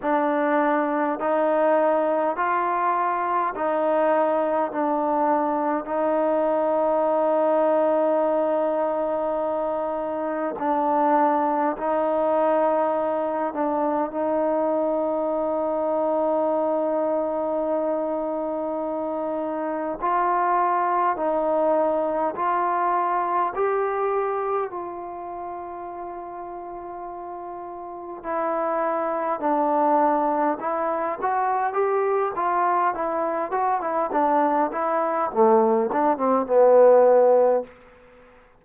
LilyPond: \new Staff \with { instrumentName = "trombone" } { \time 4/4 \tempo 4 = 51 d'4 dis'4 f'4 dis'4 | d'4 dis'2.~ | dis'4 d'4 dis'4. d'8 | dis'1~ |
dis'4 f'4 dis'4 f'4 | g'4 f'2. | e'4 d'4 e'8 fis'8 g'8 f'8 | e'8 fis'16 e'16 d'8 e'8 a8 d'16 c'16 b4 | }